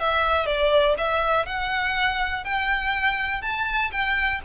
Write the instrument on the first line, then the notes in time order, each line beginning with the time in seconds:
violin
0.00 E5
0.46 D5
0.98 E5
1.46 F#5
2.44 G5
3.42 A5
3.92 G5